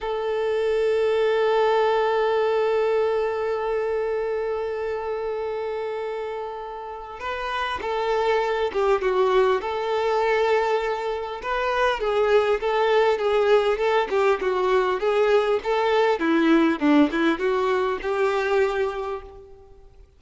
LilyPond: \new Staff \with { instrumentName = "violin" } { \time 4/4 \tempo 4 = 100 a'1~ | a'1~ | a'1 | b'4 a'4. g'8 fis'4 |
a'2. b'4 | gis'4 a'4 gis'4 a'8 g'8 | fis'4 gis'4 a'4 e'4 | d'8 e'8 fis'4 g'2 | }